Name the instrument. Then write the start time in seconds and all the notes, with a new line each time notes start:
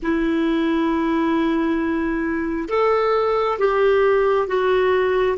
clarinet
0.02 E4
2.68 A4
3.59 G4
4.47 F#4